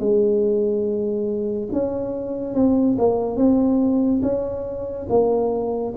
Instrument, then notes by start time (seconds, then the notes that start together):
tuba
0.00 G#3
1.73 C#4
2.55 C4
2.99 A#3
3.37 C4
4.23 C#4
5.09 A#3